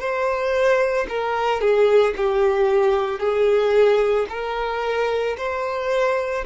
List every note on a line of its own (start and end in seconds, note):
0.00 1.07 C5
1.09 1.61 A#4
1.61 2.15 G#4
2.17 3.20 G4
3.20 4.27 G#4
4.30 5.37 A#4
5.38 6.45 C5